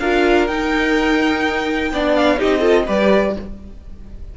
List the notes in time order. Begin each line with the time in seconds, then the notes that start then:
0.00 D4 F4 A#4 F5
0.48 D#4 G5
1.92 B3 D4 D5
2.16 F5
2.38 C4 D#4 G4 D#5
2.60 F4 A4
2.87 G3 G4 B4 D5